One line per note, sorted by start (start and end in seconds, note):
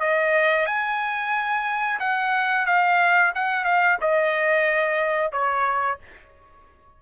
0.00 0.66 D#5
0.66 1.99 G#5
2.00 2.66 F#5
2.66 3.32 F5
3.35 3.65 F#5
3.65 3.98 F5
4.01 5.32 D#5
5.32 5.98 C#5